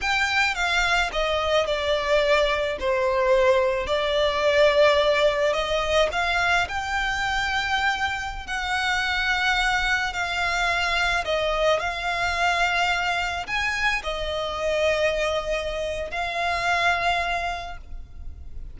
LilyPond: \new Staff \with { instrumentName = "violin" } { \time 4/4 \tempo 4 = 108 g''4 f''4 dis''4 d''4~ | d''4 c''2 d''4~ | d''2 dis''4 f''4 | g''2.~ g''16 fis''8.~ |
fis''2~ fis''16 f''4.~ f''16~ | f''16 dis''4 f''2~ f''8.~ | f''16 gis''4 dis''2~ dis''8.~ | dis''4 f''2. | }